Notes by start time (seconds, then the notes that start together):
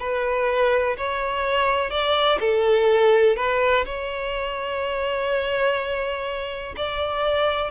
0.00 B4
0.98 C#5
1.91 D5
2.41 A4
3.37 B4
3.85 C#5
6.77 D5